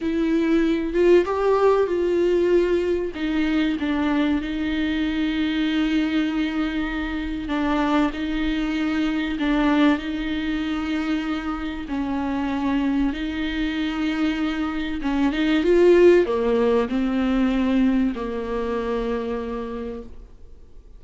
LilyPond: \new Staff \with { instrumentName = "viola" } { \time 4/4 \tempo 4 = 96 e'4. f'8 g'4 f'4~ | f'4 dis'4 d'4 dis'4~ | dis'1 | d'4 dis'2 d'4 |
dis'2. cis'4~ | cis'4 dis'2. | cis'8 dis'8 f'4 ais4 c'4~ | c'4 ais2. | }